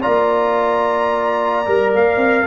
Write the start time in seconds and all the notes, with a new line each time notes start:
0.00 A#3 F4 D5 A#5
1.66 G3 A#4
1.94 A#3 F5
2.17 C4